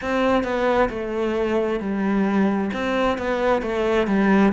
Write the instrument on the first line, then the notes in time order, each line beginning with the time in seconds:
cello
0.01 C4
0.43 B3
0.89 A3
1.79 G3
2.73 C4
3.18 B3
3.62 A3
4.07 G3